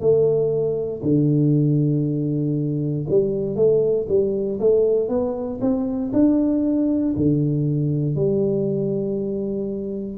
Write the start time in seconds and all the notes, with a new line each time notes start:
0.00 A3
1.03 D3
3.09 G3
3.55 A3
4.08 G3
4.59 A3
5.08 B3
5.61 C4
6.13 D4
7.16 D3
8.15 G3